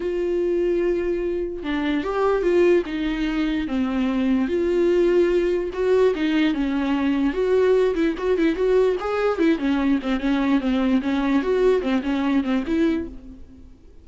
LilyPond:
\new Staff \with { instrumentName = "viola" } { \time 4/4 \tempo 4 = 147 f'1 | d'4 g'4 f'4 dis'4~ | dis'4 c'2 f'4~ | f'2 fis'4 dis'4 |
cis'2 fis'4. e'8 | fis'8 e'8 fis'4 gis'4 e'8 cis'8~ | cis'8 c'8 cis'4 c'4 cis'4 | fis'4 c'8 cis'4 c'8 e'4 | }